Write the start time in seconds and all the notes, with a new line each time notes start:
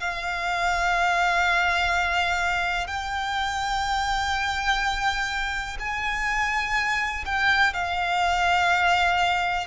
0.00 F5
2.87 G5
5.80 G#5
7.25 G5
7.73 F5